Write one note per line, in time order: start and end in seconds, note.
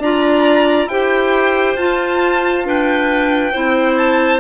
0.00 0.87 D4
0.00 0.90 F4
0.00 0.90 D5
0.00 0.89 A#5
0.87 1.75 E4
0.87 1.78 G4
0.87 2.66 C5
0.87 1.77 G5
1.76 3.52 F4
1.76 2.64 F4
1.76 2.65 A5
2.64 3.52 D4
2.64 3.53 B4
2.64 3.98 G5
3.53 4.40 C4
3.53 4.40 E4
3.53 4.40 C5
3.98 4.40 A5